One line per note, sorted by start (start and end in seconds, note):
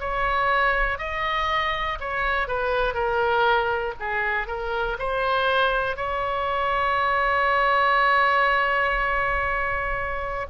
0.00 0.99 C#5
0.99 1.99 D#5
2.00 2.48 C#5
2.48 2.94 B4
2.94 3.94 A#4
4.00 4.48 G#4
4.48 4.98 A#4
4.99 5.97 C5
5.97 10.47 C#5